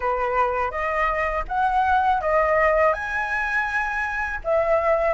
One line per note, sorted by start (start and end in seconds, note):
0.00 0.71 B4
0.71 1.44 D#5
1.48 2.21 F#5
2.21 2.93 D#5
2.93 4.39 G#5
4.44 5.14 E5